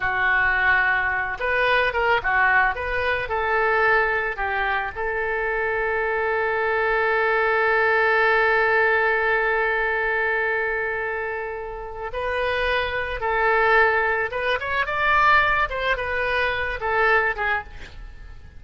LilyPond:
\new Staff \with { instrumentName = "oboe" } { \time 4/4 \tempo 4 = 109 fis'2~ fis'8 b'4 ais'8 | fis'4 b'4 a'2 | g'4 a'2.~ | a'1~ |
a'1~ | a'2 b'2 | a'2 b'8 cis''8 d''4~ | d''8 c''8 b'4. a'4 gis'8 | }